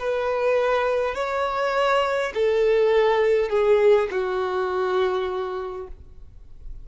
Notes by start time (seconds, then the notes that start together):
0.00 B4
1.16 C#5
2.35 A4
3.50 G#4
4.11 F#4